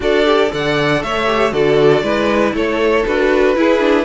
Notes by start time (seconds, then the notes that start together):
0.00 D4 F#4 A4 D5
0.25 G4
0.49 D3 A4 D5 F#5
1.02 A3 C#5 E5
1.26 G4
1.52 D3 F#4 A4 D5
2.02 G#3 E4 B4
2.54 A3 A4 C#5
3.06 D4 F#4 B4
3.56 E4 G#4
3.79 D4